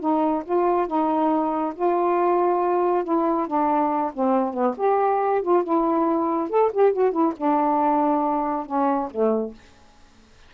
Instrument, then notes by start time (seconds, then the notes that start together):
saxophone
0.00 D#4
0.45 F4
0.87 D#4
1.75 F4
3.04 E4
3.47 D4
4.14 C4
4.54 B3
4.77 G4
5.42 F4
5.64 E4
6.49 A4
6.73 G4
6.93 F#4
7.12 E4
7.37 D4
8.66 C#4
9.11 A3